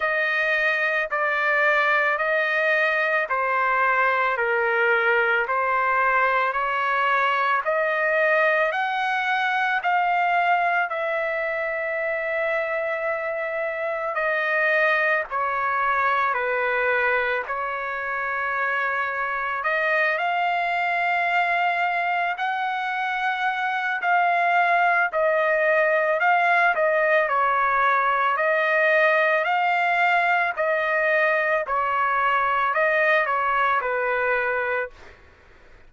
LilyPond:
\new Staff \with { instrumentName = "trumpet" } { \time 4/4 \tempo 4 = 55 dis''4 d''4 dis''4 c''4 | ais'4 c''4 cis''4 dis''4 | fis''4 f''4 e''2~ | e''4 dis''4 cis''4 b'4 |
cis''2 dis''8 f''4.~ | f''8 fis''4. f''4 dis''4 | f''8 dis''8 cis''4 dis''4 f''4 | dis''4 cis''4 dis''8 cis''8 b'4 | }